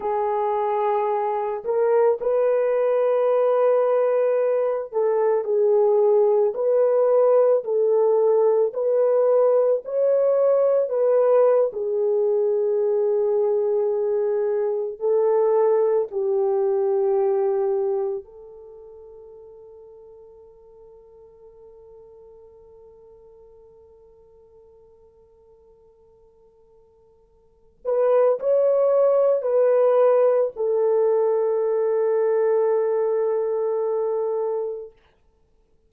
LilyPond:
\new Staff \with { instrumentName = "horn" } { \time 4/4 \tempo 4 = 55 gis'4. ais'8 b'2~ | b'8 a'8 gis'4 b'4 a'4 | b'4 cis''4 b'8. gis'4~ gis'16~ | gis'4.~ gis'16 a'4 g'4~ g'16~ |
g'8. a'2.~ a'16~ | a'1~ | a'4. b'8 cis''4 b'4 | a'1 | }